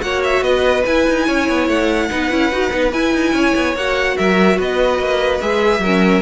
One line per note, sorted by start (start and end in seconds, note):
0.00 0.41 A#3
0.00 0.83 F#4
0.00 0.43 C#5
0.00 0.22 F#5
0.24 0.43 E5
0.41 0.82 B3
0.41 1.25 B4
0.41 0.84 D#5
0.86 2.10 E4
0.86 1.07 E4
0.86 1.68 G#5
1.08 1.28 D#4
1.25 1.49 C#4
1.25 2.08 C#5
1.49 1.68 B3
1.68 2.09 A3
1.68 2.92 F#5
2.10 2.31 B3
2.10 2.31 D#4
2.10 3.33 B4
2.31 2.51 C#4
2.31 2.51 E4
2.51 2.72 D#4
2.51 2.70 F#4
2.70 2.92 B3
2.70 2.91 D#4
2.92 3.13 E4
2.92 3.76 E4
2.92 3.75 G#5
3.13 3.32 D#4
3.32 3.53 C#4
3.32 4.16 C#5
3.55 3.75 B3
3.75 4.16 A#3
3.75 5.41 F#4
3.75 4.17 F#5
4.17 4.58 F#3
4.17 4.57 A#4
4.17 4.58 E5
4.57 4.99 B3
4.57 5.81 B4
4.57 5.40 D#5
4.99 5.40 A#3
5.40 5.79 G#3
5.40 5.82 G#4
5.40 6.21 E5
5.79 6.20 F#3
5.79 6.21 A#4
5.86 6.21 C#4